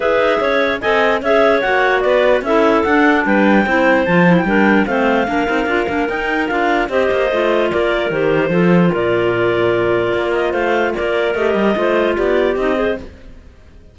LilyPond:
<<
  \new Staff \with { instrumentName = "clarinet" } { \time 4/4 \tempo 4 = 148 e''2 gis''4 e''4 | fis''4 d''4 e''4 fis''4 | g''2 a''8. g''4~ g''16 | f''2. g''4 |
f''4 dis''2 d''4 | c''2 d''2~ | d''4. dis''8 f''4 d''4 | dis''2 d''4 dis''4 | }
  \new Staff \with { instrumentName = "clarinet" } { \time 4/4 b'4 cis''4 dis''4 cis''4~ | cis''4 b'4 a'2 | b'4 c''2 ais'4 | c''4 ais'2.~ |
ais'4 c''2 ais'4~ | ais'4 a'4 ais'2~ | ais'2 c''4 ais'4~ | ais'4 c''4 g'4. c''8 | }
  \new Staff \with { instrumentName = "clarinet" } { \time 4/4 gis'2 a'4 gis'4 | fis'2 e'4 d'4~ | d'4 e'4 f'8 e'8 d'4 | c'4 d'8 dis'8 f'8 d'8 dis'4 |
f'4 g'4 f'2 | g'4 f'2.~ | f'1 | g'4 f'2 dis'8 gis'8 | }
  \new Staff \with { instrumentName = "cello" } { \time 4/4 e'8 dis'8 cis'4 c'4 cis'4 | ais4 b4 cis'4 d'4 | g4 c'4 f4 g4 | a4 ais8 c'8 d'8 ais8 dis'4 |
d'4 c'8 ais8 a4 ais4 | dis4 f4 ais,2~ | ais,4 ais4 a4 ais4 | a8 g8 a4 b4 c'4 | }
>>